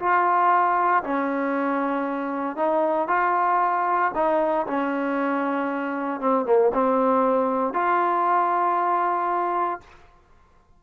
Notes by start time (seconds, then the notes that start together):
0.00 F4
1.04 C#4
2.57 D#4
3.08 F4
4.15 D#4
4.67 C#4
6.21 C4
6.46 A#3
6.74 C4
7.74 F4